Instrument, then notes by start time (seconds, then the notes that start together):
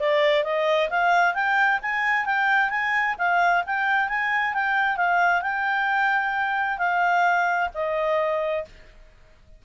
clarinet
0.00 D5
0.44 D#5
0.90 F5
1.34 G5
1.82 G#5
2.25 G5
2.70 G#5
3.18 F5
3.66 G5
4.08 G#5
4.54 G5
4.97 F5
5.42 G5
6.78 F5
7.74 D#5